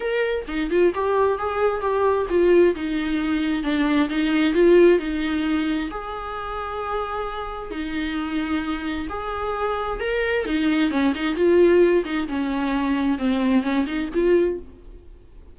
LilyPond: \new Staff \with { instrumentName = "viola" } { \time 4/4 \tempo 4 = 132 ais'4 dis'8 f'8 g'4 gis'4 | g'4 f'4 dis'2 | d'4 dis'4 f'4 dis'4~ | dis'4 gis'2.~ |
gis'4 dis'2. | gis'2 ais'4 dis'4 | cis'8 dis'8 f'4. dis'8 cis'4~ | cis'4 c'4 cis'8 dis'8 f'4 | }